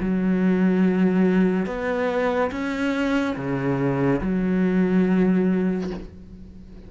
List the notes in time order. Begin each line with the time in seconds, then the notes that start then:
0.00 F#3
1.66 B3
2.51 C#4
3.36 C#3
4.21 F#3